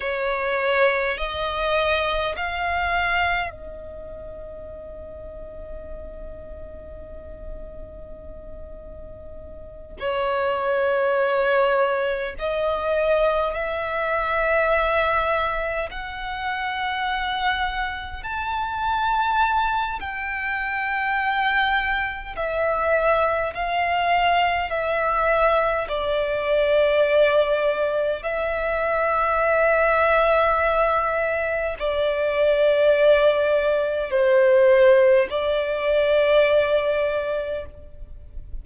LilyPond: \new Staff \with { instrumentName = "violin" } { \time 4/4 \tempo 4 = 51 cis''4 dis''4 f''4 dis''4~ | dis''1~ | dis''8 cis''2 dis''4 e''8~ | e''4. fis''2 a''8~ |
a''4 g''2 e''4 | f''4 e''4 d''2 | e''2. d''4~ | d''4 c''4 d''2 | }